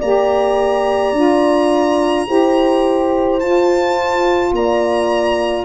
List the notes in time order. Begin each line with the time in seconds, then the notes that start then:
0.00 A#3 G4 D5 A#5
1.12 D4 F4
2.27 E4 G4 C5
3.40 F4 A5
4.53 A#3 D5 A#5